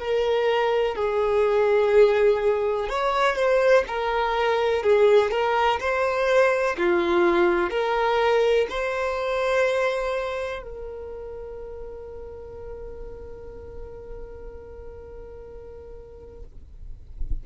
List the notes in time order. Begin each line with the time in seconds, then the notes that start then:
0.00 A#4
0.96 G#4
2.89 C#5
3.36 C5
3.88 A#4
4.83 G#4
5.32 A#4
5.80 C5
6.78 F4
7.71 A#4
8.70 C5
10.63 A#4